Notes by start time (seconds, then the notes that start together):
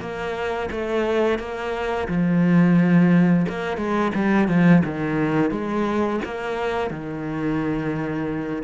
0.00 A#3
0.71 A3
1.39 A#3
2.08 F3
3.49 A#3
3.77 G#3
4.15 G3
4.48 F3
4.84 D#3
5.51 G#3
6.25 A#3
6.90 D#3